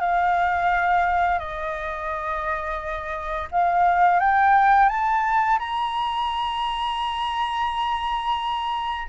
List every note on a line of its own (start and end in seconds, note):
0.00 1.39 F5
1.39 3.48 D#5
3.51 4.20 F5
4.20 4.89 G5
4.89 5.58 A5
5.59 9.08 A#5